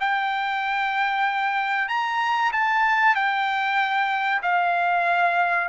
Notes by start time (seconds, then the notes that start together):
0.00 G5
1.89 A#5
2.53 A5
3.15 G5
4.42 F5